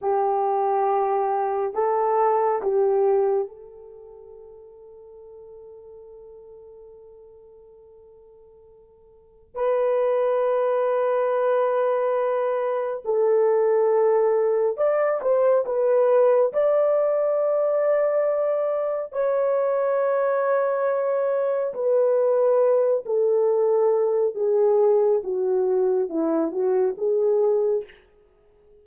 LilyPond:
\new Staff \with { instrumentName = "horn" } { \time 4/4 \tempo 4 = 69 g'2 a'4 g'4 | a'1~ | a'2. b'4~ | b'2. a'4~ |
a'4 d''8 c''8 b'4 d''4~ | d''2 cis''2~ | cis''4 b'4. a'4. | gis'4 fis'4 e'8 fis'8 gis'4 | }